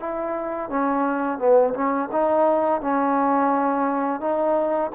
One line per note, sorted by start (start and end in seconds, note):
0.00 0.70 E4
0.70 1.39 C#4
1.39 1.74 B3
1.74 2.10 C#4
2.12 2.81 D#4
2.81 4.21 C#4
4.21 4.91 D#4